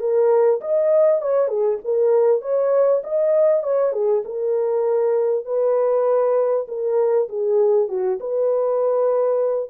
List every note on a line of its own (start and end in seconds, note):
0.00 0.61 A#4
0.61 1.22 D#5
1.22 1.48 C#5
1.48 1.79 G#4
1.84 2.42 A#4
2.42 3.02 C#5
3.04 3.63 D#5
3.63 3.93 C#5
3.93 4.23 G#4
4.25 5.45 A#4
5.45 6.67 B4
6.68 7.29 A#4
7.29 7.89 G#4
7.89 8.19 F#4
8.20 9.70 B4